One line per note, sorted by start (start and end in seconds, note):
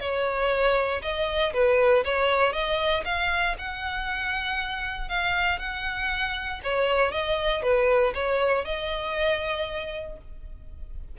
0.00 1.02 C#5
1.02 1.53 D#5
1.53 2.04 B4
2.04 2.53 C#5
2.53 3.03 D#5
3.05 3.55 F5
3.58 5.09 F#5
5.09 5.59 F5
5.59 6.61 F#5
6.63 7.11 C#5
7.11 7.62 D#5
7.62 8.13 B4
8.14 8.65 C#5
8.65 10.17 D#5